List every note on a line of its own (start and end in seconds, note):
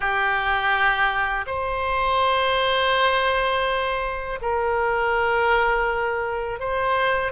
0.00 1.45 G4
1.46 4.39 C5
4.41 6.59 A#4
6.59 7.32 C5